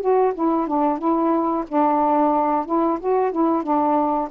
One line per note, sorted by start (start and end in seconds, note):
0.00 0.33 F#4
0.34 0.67 E4
0.67 0.98 D4
0.98 1.64 E4
1.68 2.65 D4
2.65 2.98 E4
3.00 3.31 F#4
3.31 3.63 E4
3.63 4.29 D4